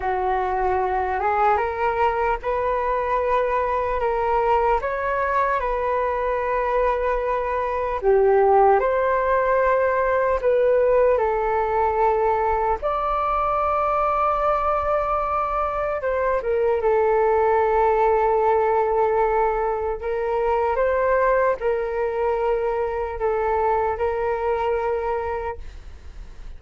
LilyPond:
\new Staff \with { instrumentName = "flute" } { \time 4/4 \tempo 4 = 75 fis'4. gis'8 ais'4 b'4~ | b'4 ais'4 cis''4 b'4~ | b'2 g'4 c''4~ | c''4 b'4 a'2 |
d''1 | c''8 ais'8 a'2.~ | a'4 ais'4 c''4 ais'4~ | ais'4 a'4 ais'2 | }